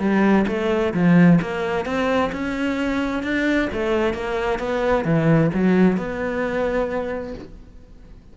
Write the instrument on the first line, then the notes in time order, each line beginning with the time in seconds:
cello
0.00 G3
0.48 A3
0.94 F3
1.42 A#3
1.86 C4
2.33 C#4
3.23 D4
3.73 A3
4.14 A#3
4.59 B3
5.05 E3
5.54 F#3
5.97 B3